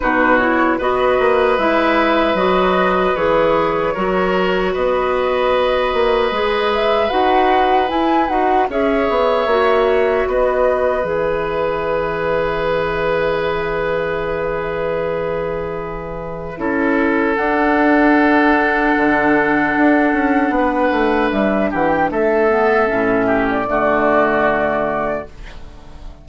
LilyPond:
<<
  \new Staff \with { instrumentName = "flute" } { \time 4/4 \tempo 4 = 76 b'8 cis''8 dis''4 e''4 dis''4 | cis''2 dis''2~ | dis''8 e''8 fis''4 gis''8 fis''8 e''4~ | e''4 dis''4 e''2~ |
e''1~ | e''2 fis''2~ | fis''2. e''8 fis''16 g''16 | e''4.~ e''16 d''2~ d''16 | }
  \new Staff \with { instrumentName = "oboe" } { \time 4/4 fis'4 b'2.~ | b'4 ais'4 b'2~ | b'2. cis''4~ | cis''4 b'2.~ |
b'1~ | b'4 a'2.~ | a'2 b'4. g'8 | a'4. g'8 fis'2 | }
  \new Staff \with { instrumentName = "clarinet" } { \time 4/4 dis'8 e'8 fis'4 e'4 fis'4 | gis'4 fis'2. | gis'4 fis'4 e'8 fis'8 gis'4 | fis'2 gis'2~ |
gis'1~ | gis'4 e'4 d'2~ | d'1~ | d'8 b8 cis'4 a2 | }
  \new Staff \with { instrumentName = "bassoon" } { \time 4/4 b,4 b8 ais8 gis4 fis4 | e4 fis4 b4. ais8 | gis4 dis'4 e'8 dis'8 cis'8 b8 | ais4 b4 e2~ |
e1~ | e4 cis'4 d'2 | d4 d'8 cis'8 b8 a8 g8 e8 | a4 a,4 d2 | }
>>